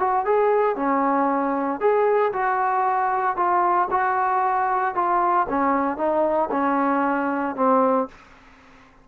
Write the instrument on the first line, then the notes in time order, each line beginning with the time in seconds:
trombone
0.00 F#4
0.26 G#4
0.76 C#4
1.81 G#4
2.33 F#4
3.37 F4
3.91 F#4
4.95 F4
5.50 C#4
5.98 D#4
6.52 C#4
7.56 C4